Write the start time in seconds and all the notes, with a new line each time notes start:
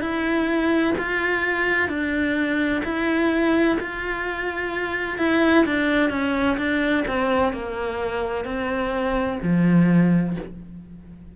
0.00 E4
0.98 F4
1.88 D4
2.84 E4
3.80 F4
5.18 E4
5.65 D4
6.10 C#4
6.58 D4
7.07 C4
7.53 A#3
8.45 C4
9.42 F3